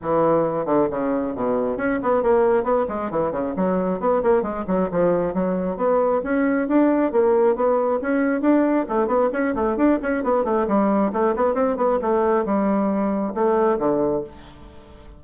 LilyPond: \new Staff \with { instrumentName = "bassoon" } { \time 4/4 \tempo 4 = 135 e4. d8 cis4 b,4 | cis'8 b8 ais4 b8 gis8 e8 cis8 | fis4 b8 ais8 gis8 fis8 f4 | fis4 b4 cis'4 d'4 |
ais4 b4 cis'4 d'4 | a8 b8 cis'8 a8 d'8 cis'8 b8 a8 | g4 a8 b8 c'8 b8 a4 | g2 a4 d4 | }